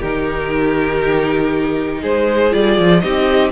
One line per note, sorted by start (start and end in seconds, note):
0.00 2.03 D#3
0.00 2.51 D#4
0.00 2.00 G4
0.00 2.02 A#4
2.01 2.53 G#3
2.01 3.01 G#4
2.01 2.53 C5
2.51 2.78 G3
2.51 3.01 F4
2.51 3.00 D5
2.78 3.03 F3
3.00 3.52 C4
3.00 3.52 D#4
3.00 3.52 G4
3.00 3.50 D#5